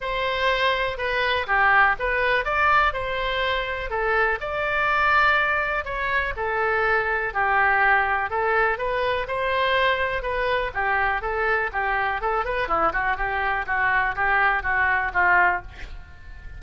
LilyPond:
\new Staff \with { instrumentName = "oboe" } { \time 4/4 \tempo 4 = 123 c''2 b'4 g'4 | b'4 d''4 c''2 | a'4 d''2. | cis''4 a'2 g'4~ |
g'4 a'4 b'4 c''4~ | c''4 b'4 g'4 a'4 | g'4 a'8 b'8 e'8 fis'8 g'4 | fis'4 g'4 fis'4 f'4 | }